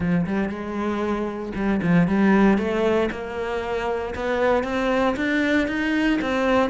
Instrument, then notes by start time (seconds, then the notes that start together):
cello
0.00 F3
0.26 G3
0.49 G#3
1.55 G3
1.82 F3
2.07 G3
2.58 A3
3.11 A#3
4.15 B3
4.63 C4
5.16 D4
5.67 D#4
6.21 C4